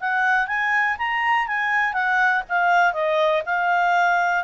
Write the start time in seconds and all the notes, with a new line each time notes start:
0.00 F#5
0.47 G#5
0.98 A#5
1.47 G#5
1.93 F#5
2.49 F5
2.93 D#5
3.46 F5